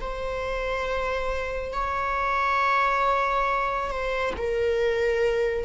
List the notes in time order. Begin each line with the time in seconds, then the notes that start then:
0.00 C5
1.72 C#5
3.90 C5
4.37 A#4